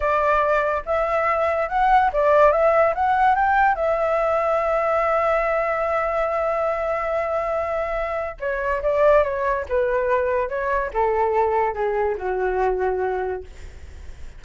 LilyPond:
\new Staff \with { instrumentName = "flute" } { \time 4/4 \tempo 4 = 143 d''2 e''2 | fis''4 d''4 e''4 fis''4 | g''4 e''2.~ | e''1~ |
e''1 | cis''4 d''4 cis''4 b'4~ | b'4 cis''4 a'2 | gis'4 fis'2. | }